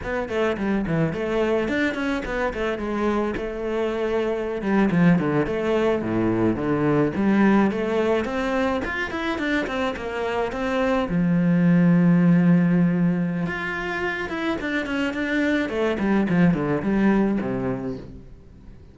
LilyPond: \new Staff \with { instrumentName = "cello" } { \time 4/4 \tempo 4 = 107 b8 a8 g8 e8 a4 d'8 cis'8 | b8 a8 gis4 a2~ | a16 g8 f8 d8 a4 a,4 d16~ | d8. g4 a4 c'4 f'16~ |
f'16 e'8 d'8 c'8 ais4 c'4 f16~ | f1 | f'4. e'8 d'8 cis'8 d'4 | a8 g8 f8 d8 g4 c4 | }